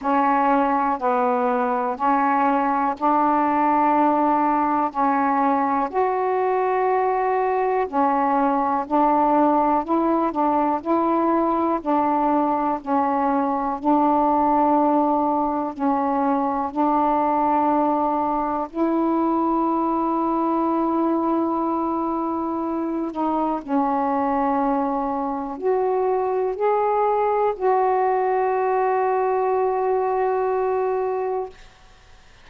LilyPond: \new Staff \with { instrumentName = "saxophone" } { \time 4/4 \tempo 4 = 61 cis'4 b4 cis'4 d'4~ | d'4 cis'4 fis'2 | cis'4 d'4 e'8 d'8 e'4 | d'4 cis'4 d'2 |
cis'4 d'2 e'4~ | e'2.~ e'8 dis'8 | cis'2 fis'4 gis'4 | fis'1 | }